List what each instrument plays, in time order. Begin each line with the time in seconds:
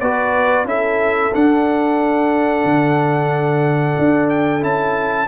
0.00 tuba B3, trombone F#4, horn B4, trumpet D5
0.65 tuba C#4, trombone E4, horn A4, trumpet E5
1.34 tuba D4, trombone D4, trumpet F#5
2.65 tuba D3
3.98 tuba D4
4.30 trumpet G5
4.61 tuba C#4, trombone E4, trumpet A5